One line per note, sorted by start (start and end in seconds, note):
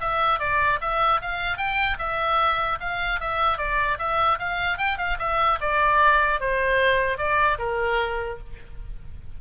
0.00 0.39 E5
0.39 0.79 D5
0.81 1.21 E5
1.21 1.57 F5
1.57 1.97 G5
1.98 2.78 E5
2.80 3.20 F5
3.20 3.57 E5
3.57 3.97 D5
3.98 4.38 E5
4.39 4.78 F5
4.78 4.98 G5
4.98 5.18 F5
5.19 5.59 E5
5.60 6.40 D5
6.40 7.18 C5
7.18 7.58 D5
7.58 8.38 A#4